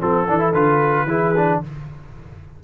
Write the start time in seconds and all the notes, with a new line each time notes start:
0.00 F3 C4 A4
0.28 E3 D4
0.39 E4
0.54 D3 F4 B4
1.04 E3 E4 G#4
1.37 D4